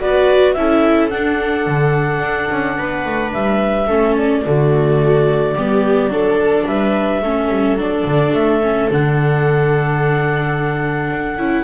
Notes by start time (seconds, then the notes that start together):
0.00 B3 F#4 B4 D5
0.53 C#4 E4 A4 E5
1.10 D4 F#5
1.67 D3
2.21 D4
2.50 C#4
2.78 B3 B4
3.05 A3
3.32 G3 E5
3.87 A3 C#4 A4
4.17 D5
4.46 D3 A3 F#4
5.55 G3 B3 G4
6.08 F#3 D4 A4
6.66 G3 B4 E5
7.22 A3 C#4 A4
7.49 G3
7.77 F#3 D4 D5
8.05 D3
8.34 A3 E5
8.62 C#4
8.92 D3 D4 F#5
11.12 D4
11.37 C#4 E4